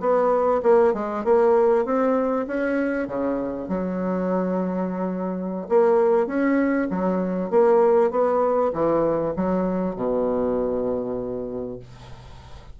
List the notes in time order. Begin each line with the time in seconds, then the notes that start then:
0.00 B3
0.63 A#3
0.94 G#3
1.24 A#3
1.85 C4
2.47 C#4
3.07 C#3
3.68 F#3
5.69 A#3
6.27 C#4
6.90 F#3
7.50 A#3
8.10 B3
8.73 E3
9.36 F#3
9.95 B2